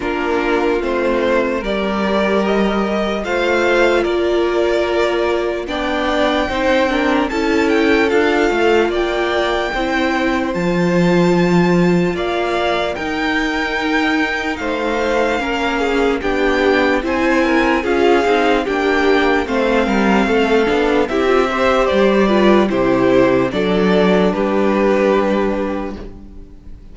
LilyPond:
<<
  \new Staff \with { instrumentName = "violin" } { \time 4/4 \tempo 4 = 74 ais'4 c''4 d''4 dis''4 | f''4 d''2 g''4~ | g''4 a''8 g''8 f''4 g''4~ | g''4 a''2 f''4 |
g''2 f''2 | g''4 gis''4 f''4 g''4 | f''2 e''4 d''4 | c''4 d''4 b'2 | }
  \new Staff \with { instrumentName = "violin" } { \time 4/4 f'2 ais'2 | c''4 ais'2 d''4 | c''8 ais'8 a'2 d''4 | c''2. d''4 |
ais'2 c''4 ais'8 gis'8 | g'4 c''8 ais'8 gis'4 g'4 | c''8 ais'8 a'4 g'8 c''4 b'8 | g'4 a'4 g'2 | }
  \new Staff \with { instrumentName = "viola" } { \time 4/4 d'4 c'4 g'2 | f'2. d'4 | dis'8 d'8 e'4 f'2 | e'4 f'2. |
dis'2. cis'4 | d'4 e'4 f'8 dis'8 d'4 | c'4. d'8 e'16 f'16 g'4 f'8 | e'4 d'2. | }
  \new Staff \with { instrumentName = "cello" } { \time 4/4 ais4 a4 g2 | a4 ais2 b4 | c'4 cis'4 d'8 a8 ais4 | c'4 f2 ais4 |
dis'2 a4 ais4 | b4 c'4 cis'8 c'8 ais4 | a8 g8 a8 b8 c'4 g4 | c4 fis4 g2 | }
>>